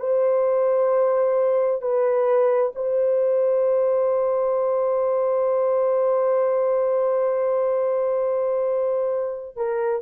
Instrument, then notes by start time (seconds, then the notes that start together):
horn
0.00 C5
1.82 B4
2.76 C5
9.57 A#4